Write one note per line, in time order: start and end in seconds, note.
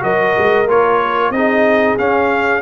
0.00 0.36 F#3
0.00 0.65 F#4
0.00 1.35 A#4
0.00 0.69 D#5
0.38 0.67 G#3
0.67 1.31 A#3
0.67 1.34 F4
0.67 1.32 C#5
1.31 1.96 C4
1.31 1.99 D#4
1.31 2.62 G#4
1.31 1.97 D#5
1.99 2.62 C#4
1.99 2.62 F5